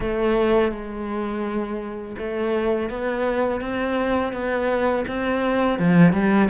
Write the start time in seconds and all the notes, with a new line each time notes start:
0.00 A3
0.71 G#3
2.18 A3
2.89 B3
3.60 C4
4.32 B3
5.07 C4
5.78 F3
6.12 G3